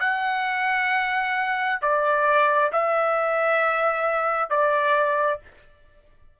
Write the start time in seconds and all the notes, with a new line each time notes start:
0.00 F#5
1.82 D5
2.72 E5
4.50 D5